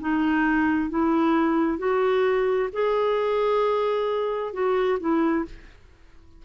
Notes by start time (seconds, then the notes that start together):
0.00 D#4
0.90 E4
1.78 F#4
2.72 G#4
4.53 F#4
4.99 E4